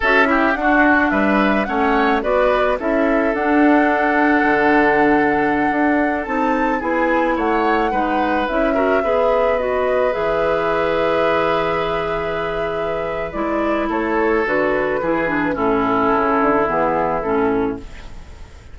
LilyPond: <<
  \new Staff \with { instrumentName = "flute" } { \time 4/4 \tempo 4 = 108 e''4 fis''4 e''4 fis''4 | d''4 e''4 fis''2~ | fis''2.~ fis''16 a''8.~ | a''16 gis''4 fis''2 e''8.~ |
e''4~ e''16 dis''4 e''4.~ e''16~ | e''1 | d''4 cis''4 b'2 | a'2 gis'4 a'4 | }
  \new Staff \with { instrumentName = "oboe" } { \time 4/4 a'8 g'8 fis'4 b'4 cis''4 | b'4 a'2.~ | a'1~ | a'16 gis'4 cis''4 b'4. ais'16~ |
ais'16 b'2.~ b'8.~ | b'1~ | b'4 a'2 gis'4 | e'1 | }
  \new Staff \with { instrumentName = "clarinet" } { \time 4/4 fis'8 e'8 d'2 cis'4 | fis'4 e'4 d'2~ | d'2.~ d'16 dis'8.~ | dis'16 e'2 dis'4 e'8 fis'16~ |
fis'16 gis'4 fis'4 gis'4.~ gis'16~ | gis'1 | e'2 fis'4 e'8 d'8 | cis'2 b4 cis'4 | }
  \new Staff \with { instrumentName = "bassoon" } { \time 4/4 cis'4 d'4 g4 a4 | b4 cis'4 d'2 | d2~ d16 d'4 c'8.~ | c'16 b4 a4 gis4 cis'8.~ |
cis'16 b2 e4.~ e16~ | e1 | gis4 a4 d4 e4 | a,4 cis8 d8 e4 a,4 | }
>>